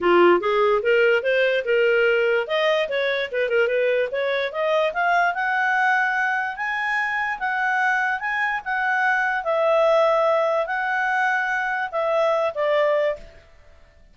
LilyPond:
\new Staff \with { instrumentName = "clarinet" } { \time 4/4 \tempo 4 = 146 f'4 gis'4 ais'4 c''4 | ais'2 dis''4 cis''4 | b'8 ais'8 b'4 cis''4 dis''4 | f''4 fis''2. |
gis''2 fis''2 | gis''4 fis''2 e''4~ | e''2 fis''2~ | fis''4 e''4. d''4. | }